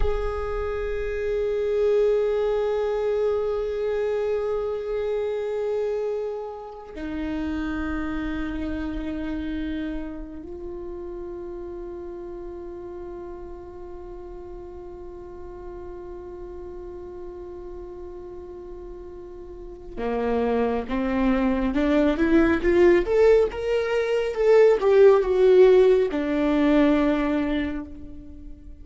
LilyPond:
\new Staff \with { instrumentName = "viola" } { \time 4/4 \tempo 4 = 69 gis'1~ | gis'1 | dis'1 | f'1~ |
f'1~ | f'2. ais4 | c'4 d'8 e'8 f'8 a'8 ais'4 | a'8 g'8 fis'4 d'2 | }